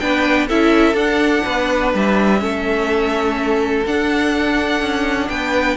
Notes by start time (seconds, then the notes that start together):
0.00 B3 D4 B4 G5
0.48 C#4 E4 A4 E5
0.94 D4 F#5
1.45 B3 B4
1.95 G3 E5
2.40 A3 C#4 A4
3.87 D4 F#5
4.81 C#4
5.29 B3 B4 G5